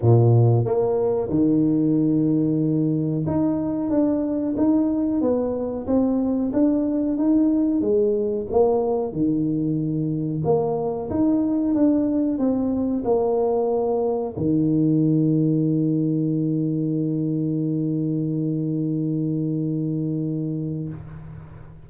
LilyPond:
\new Staff \with { instrumentName = "tuba" } { \time 4/4 \tempo 4 = 92 ais,4 ais4 dis2~ | dis4 dis'4 d'4 dis'4 | b4 c'4 d'4 dis'4 | gis4 ais4 dis2 |
ais4 dis'4 d'4 c'4 | ais2 dis2~ | dis1~ | dis1 | }